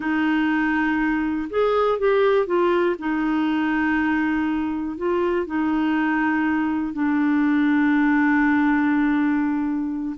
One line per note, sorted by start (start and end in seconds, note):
0.00 1.48 D#4
1.49 1.98 G#4
1.98 2.46 G4
2.46 2.95 F4
2.99 4.97 D#4
4.97 5.46 F4
5.46 6.93 D#4
6.93 10.15 D4